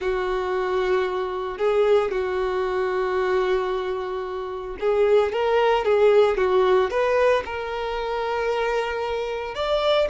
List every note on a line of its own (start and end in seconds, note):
0.00 1.58 F#4
1.58 2.11 G#4
2.11 4.76 F#4
4.79 5.32 G#4
5.32 5.85 A#4
5.85 6.37 G#4
6.37 6.90 F#4
6.90 7.43 B4
7.45 9.55 A#4
9.55 10.08 D5